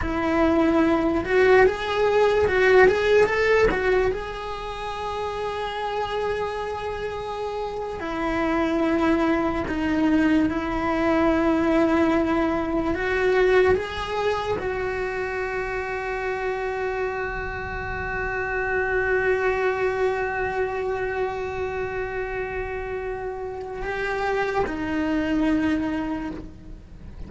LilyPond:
\new Staff \with { instrumentName = "cello" } { \time 4/4 \tempo 4 = 73 e'4. fis'8 gis'4 fis'8 gis'8 | a'8 fis'8 gis'2.~ | gis'4.~ gis'16 e'2 dis'16~ | dis'8. e'2. fis'16~ |
fis'8. gis'4 fis'2~ fis'16~ | fis'1~ | fis'1~ | fis'4 g'4 dis'2 | }